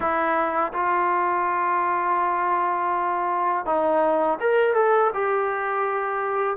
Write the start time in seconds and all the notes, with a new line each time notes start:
0.00 E4
0.73 F4
3.66 D#4
4.40 A#4
4.74 A4
5.13 G4